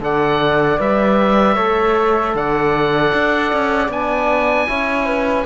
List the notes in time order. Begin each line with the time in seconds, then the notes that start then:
0.00 D3 A4 D5 F#5
0.79 G3 B4 E5
1.55 A3 A4 C#5
2.35 D3 D5 F#5
3.14 D4
3.53 C#4
3.88 B3 D4 G#5
4.67 C#4 E4 C#5
5.06 B4